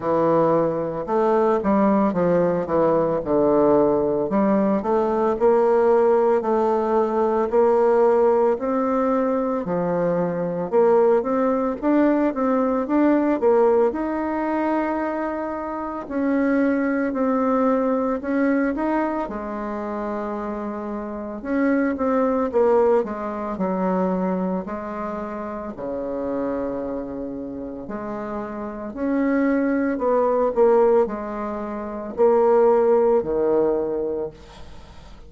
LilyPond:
\new Staff \with { instrumentName = "bassoon" } { \time 4/4 \tempo 4 = 56 e4 a8 g8 f8 e8 d4 | g8 a8 ais4 a4 ais4 | c'4 f4 ais8 c'8 d'8 c'8 | d'8 ais8 dis'2 cis'4 |
c'4 cis'8 dis'8 gis2 | cis'8 c'8 ais8 gis8 fis4 gis4 | cis2 gis4 cis'4 | b8 ais8 gis4 ais4 dis4 | }